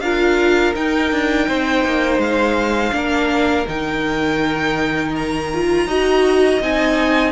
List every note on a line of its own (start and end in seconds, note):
0.00 0.73 D4
0.00 0.75 F4
0.00 1.48 A#4
0.00 0.73 F5
0.75 2.91 D#4
0.75 1.11 D#4
0.75 2.20 G5
1.11 1.48 D4
1.48 1.85 C4
1.48 2.94 C5
1.85 2.18 A#3
2.18 2.91 G#3
2.18 3.66 F5
2.91 3.66 A#3
2.91 3.64 D4
2.91 5.87 A#4
3.67 5.86 D#3
3.67 5.50 D#4
3.67 5.15 G5
5.15 6.62 A#5
5.53 5.89 F4
5.86 6.60 D#4
5.86 6.61 F#4
5.86 7.31 D#5
6.61 7.31 C4
6.61 7.31 D#4
6.61 7.31 G#5